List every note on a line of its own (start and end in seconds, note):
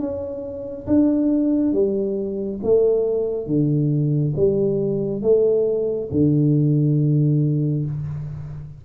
0.00 0.87 C#4
0.87 1.73 D4
1.73 2.60 G3
2.64 3.47 A3
3.47 4.34 D3
4.36 5.23 G3
5.23 6.09 A3
6.12 7.86 D3